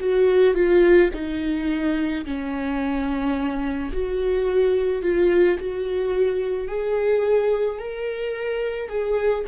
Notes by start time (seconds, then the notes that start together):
0.00 F#4
0.55 F4
1.14 D#4
2.25 C#4
3.93 F#4
5.03 F4
5.59 F#4
6.68 G#4
7.79 A#4
8.89 G#4